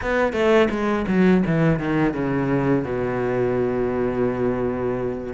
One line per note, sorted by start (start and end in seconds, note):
0.01 0.32 B3
0.32 0.68 A3
0.69 1.05 G#3
1.07 1.43 F#3
1.46 1.79 E3
1.79 2.13 D#3
2.13 2.84 C#3
2.84 5.33 B2